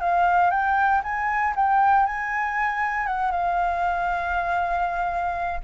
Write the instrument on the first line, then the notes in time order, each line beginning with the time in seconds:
flute
0.00 F5
0.50 G5
1.03 G#5
1.56 G5
2.06 G#5
3.06 F#5
3.31 F5